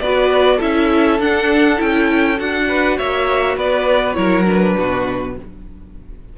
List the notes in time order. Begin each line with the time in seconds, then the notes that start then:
0.00 B3 F#4 B4 D5
0.57 C#4 E4 A4 E5
1.20 D4 F#5
1.76 C#4 E4 G5
2.37 D4 F#4 F#5
2.68 B4
2.98 A#3 C#5 E5
3.56 B3 B4 D5
4.13 F#3 E4 A#4 C#5
4.44 D4 B4
4.77 B2 F#4